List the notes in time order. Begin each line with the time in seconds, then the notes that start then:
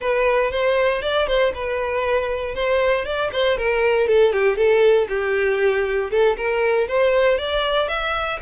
0.00 B4
0.51 C5
1.02 D5
1.27 C5
1.54 B4
2.54 C5
3.05 D5
3.32 C5
3.57 A#4
4.07 A4
4.32 G4
4.56 A4
5.08 G4
6.11 A4
6.36 A#4
6.88 C5
7.38 D5
7.88 E5